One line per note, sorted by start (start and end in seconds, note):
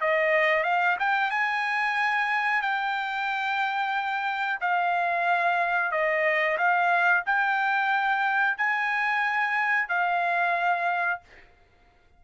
0.00 0.63 D#5
0.63 0.96 F5
0.99 1.30 G5
1.30 2.61 G#5
2.61 4.59 G5
4.60 5.91 F5
5.91 6.57 D#5
6.58 7.23 F5
7.26 8.57 G5
8.57 9.88 G#5
9.88 11.20 F5